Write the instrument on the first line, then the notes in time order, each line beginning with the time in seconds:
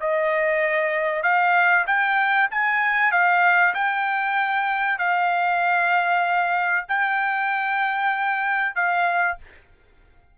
trumpet
0.00 D#5
1.23 F5
1.87 G5
2.51 G#5
3.11 F5
3.74 G5
4.99 F5
6.88 G5
8.75 F5